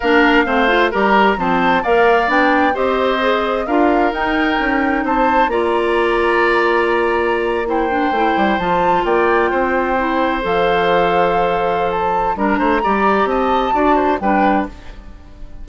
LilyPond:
<<
  \new Staff \with { instrumentName = "flute" } { \time 4/4 \tempo 4 = 131 f''2 ais''4 a''4 | f''4 g''4 dis''2 | f''4 g''2 a''4 | ais''1~ |
ais''8. g''2 a''4 g''16~ | g''2~ g''8. f''4~ f''16~ | f''2 a''4 ais''4~ | ais''4 a''2 g''4 | }
  \new Staff \with { instrumentName = "oboe" } { \time 4/4 ais'4 c''4 ais'4 c''4 | d''2 c''2 | ais'2. c''4 | d''1~ |
d''8. c''2. d''16~ | d''8. c''2.~ c''16~ | c''2. ais'8 c''8 | d''4 dis''4 d''8 c''8 b'4 | }
  \new Staff \with { instrumentName = "clarinet" } { \time 4/4 d'4 c'8 f'8 g'4 c'4 | ais'4 d'4 g'4 gis'4 | f'4 dis'2. | f'1~ |
f'8. e'8 d'8 e'4 f'4~ f'16~ | f'4.~ f'16 e'4 a'4~ a'16~ | a'2. d'4 | g'2 fis'4 d'4 | }
  \new Staff \with { instrumentName = "bassoon" } { \time 4/4 ais4 a4 g4 f4 | ais4 b4 c'2 | d'4 dis'4 cis'4 c'4 | ais1~ |
ais4.~ ais16 a8 g8 f4 ais16~ | ais8. c'2 f4~ f16~ | f2. g8 a8 | g4 c'4 d'4 g4 | }
>>